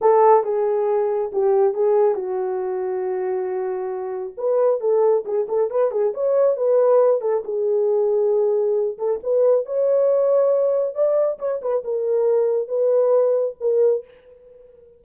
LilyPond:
\new Staff \with { instrumentName = "horn" } { \time 4/4 \tempo 4 = 137 a'4 gis'2 g'4 | gis'4 fis'2.~ | fis'2 b'4 a'4 | gis'8 a'8 b'8 gis'8 cis''4 b'4~ |
b'8 a'8 gis'2.~ | gis'8 a'8 b'4 cis''2~ | cis''4 d''4 cis''8 b'8 ais'4~ | ais'4 b'2 ais'4 | }